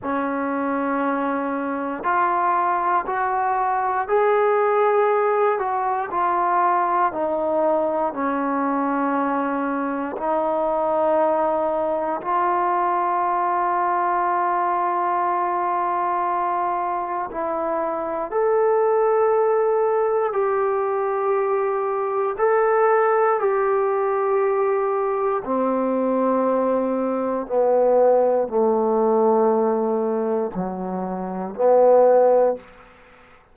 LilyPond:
\new Staff \with { instrumentName = "trombone" } { \time 4/4 \tempo 4 = 59 cis'2 f'4 fis'4 | gis'4. fis'8 f'4 dis'4 | cis'2 dis'2 | f'1~ |
f'4 e'4 a'2 | g'2 a'4 g'4~ | g'4 c'2 b4 | a2 fis4 b4 | }